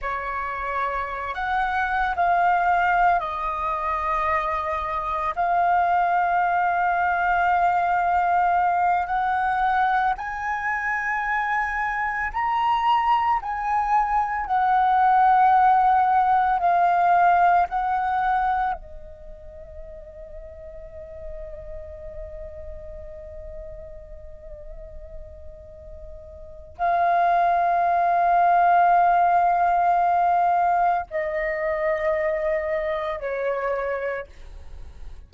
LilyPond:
\new Staff \with { instrumentName = "flute" } { \time 4/4 \tempo 4 = 56 cis''4~ cis''16 fis''8. f''4 dis''4~ | dis''4 f''2.~ | f''8 fis''4 gis''2 ais''8~ | ais''8 gis''4 fis''2 f''8~ |
f''8 fis''4 dis''2~ dis''8~ | dis''1~ | dis''4 f''2.~ | f''4 dis''2 cis''4 | }